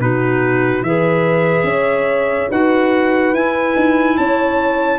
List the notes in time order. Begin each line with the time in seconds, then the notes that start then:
0.00 B2 D#4 F#4 B4
0.83 E3 G#4 B4 E5
1.64 C#4 C#5
2.50 D#4 F#4 B4 F#5
3.33 E4 G#5
3.76 D#4
4.17 C#4 C#5 A5